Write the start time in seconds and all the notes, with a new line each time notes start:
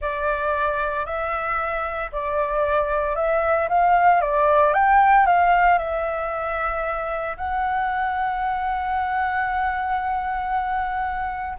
0.01 D5
1.05 E5
2.12 D5
3.15 E5
3.68 F5
4.21 D5
4.73 G5
5.26 F5
5.78 E5
7.37 F#5